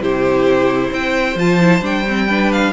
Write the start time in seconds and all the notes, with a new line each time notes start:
0.00 C3 E4 G4 C5
0.88 C4 C5 G5
1.36 F3 F4 A5
1.62 E4
1.81 G3 D4 G5
2.08 C4
2.29 D4 B4
2.53 F5